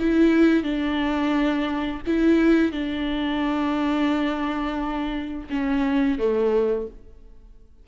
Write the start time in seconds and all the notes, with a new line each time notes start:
0.00 E4
0.64 D4
2.07 E4
2.72 D4
5.50 C#4
6.19 A3